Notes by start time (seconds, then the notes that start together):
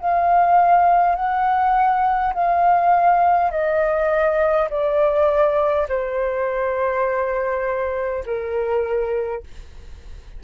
0.00 F5
1.16 F#5
2.34 F5
3.51 D#5
4.70 D5
5.89 C5
8.26 A#4